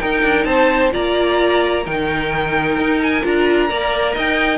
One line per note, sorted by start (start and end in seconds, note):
0.00 0.91 D#4
0.00 0.23 D#4
0.00 0.47 A#4
0.00 0.45 G5
0.23 0.46 D4
0.45 0.92 C4
0.45 0.93 C5
0.45 0.91 A5
0.91 1.87 A#3
0.91 1.83 F4
0.91 1.84 D5
0.91 1.86 A#5
1.84 2.77 D#3
1.84 3.23 D#4
1.84 3.69 A#4
1.84 3.02 G5
2.77 3.23 D#4
3.03 3.26 G#5
3.23 3.70 D4
3.23 3.68 F4
3.23 4.18 A#5
3.68 4.16 A#3
3.68 4.58 A#4
3.68 4.14 D5
4.14 4.58 D#4
4.14 4.58 D#5
4.14 4.58 G5